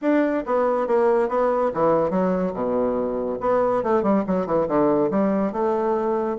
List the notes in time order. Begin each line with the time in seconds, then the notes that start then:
0.01 D4
0.46 B3
0.87 A#3
1.28 B3
1.74 E3
2.10 F#3
2.53 B2
3.40 B3
3.83 A3
4.02 G3
4.26 F#3
4.46 E3
4.68 D3
5.10 G3
5.52 A3